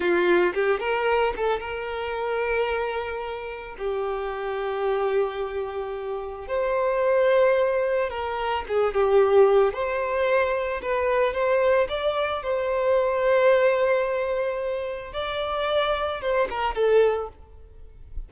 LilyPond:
\new Staff \with { instrumentName = "violin" } { \time 4/4 \tempo 4 = 111 f'4 g'8 ais'4 a'8 ais'4~ | ais'2. g'4~ | g'1 | c''2. ais'4 |
gis'8 g'4. c''2 | b'4 c''4 d''4 c''4~ | c''1 | d''2 c''8 ais'8 a'4 | }